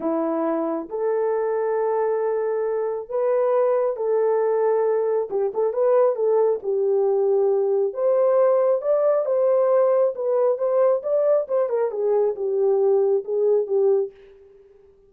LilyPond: \new Staff \with { instrumentName = "horn" } { \time 4/4 \tempo 4 = 136 e'2 a'2~ | a'2. b'4~ | b'4 a'2. | g'8 a'8 b'4 a'4 g'4~ |
g'2 c''2 | d''4 c''2 b'4 | c''4 d''4 c''8 ais'8 gis'4 | g'2 gis'4 g'4 | }